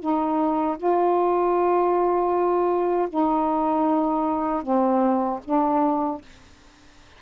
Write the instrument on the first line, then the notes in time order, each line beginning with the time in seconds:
saxophone
0.00 D#4
0.78 F4
3.09 D#4
4.63 C4
5.45 D4